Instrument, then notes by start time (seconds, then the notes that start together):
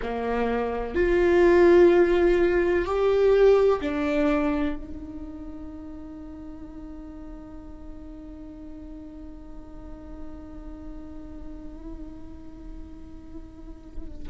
viola
0.02 A#3
0.94 F4
2.85 G4
3.81 D4
4.76 D#4